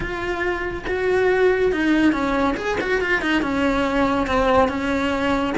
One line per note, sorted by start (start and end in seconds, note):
0.00 0.85 F4
0.87 1.72 F#4
1.72 2.12 D#4
2.12 2.55 C#4
2.56 2.78 G#4
2.80 3.01 F#4
3.01 3.21 F4
3.21 3.41 D#4
3.41 4.26 C#4
4.26 4.68 C4
4.68 5.54 C#4